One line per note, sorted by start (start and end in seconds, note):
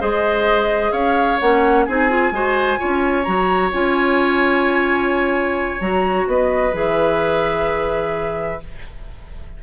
0.00 0.92 G#3
0.00 1.40 G#4
0.00 0.92 C5
0.00 0.92 D#5
0.92 1.39 C#4
0.92 1.85 C#5
0.92 1.39 F5
1.40 1.88 A#3
1.40 1.88 C#4
1.40 1.85 F#5
1.85 2.31 C4
1.85 2.09 D#4
1.85 2.33 G#4
1.85 3.23 G#5
2.09 2.32 F4
2.31 2.77 G#3
2.31 2.77 F#4
2.31 2.79 C5
2.77 3.27 C#4
2.77 3.24 F4
2.77 6.28 C#5
3.23 3.73 F#3
3.23 3.72 F#4
3.23 3.70 A#5
3.72 5.80 C#4
3.72 5.80 F4
3.72 5.81 G#5
5.80 6.27 F#3
5.80 6.73 F#4
5.80 6.28 A#5
6.27 6.73 B3
6.27 8.61 B4
6.27 6.75 D#5
6.73 8.59 E3
6.73 8.59 G#4
6.73 8.63 E5